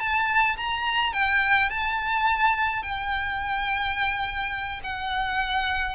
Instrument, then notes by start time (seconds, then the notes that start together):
violin
0.00 A5
0.57 A#5
1.13 G5
1.70 A5
2.83 G5
4.83 F#5